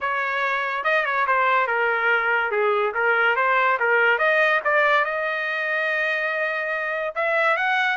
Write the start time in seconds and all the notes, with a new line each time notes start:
0.00 C#5
0.84 D#5
1.05 C#5
1.27 C5
1.67 A#4
2.51 G#4
2.94 A#4
3.36 C5
3.79 A#4
4.18 D#5
4.64 D5
5.04 D#5
7.15 E5
7.56 F#5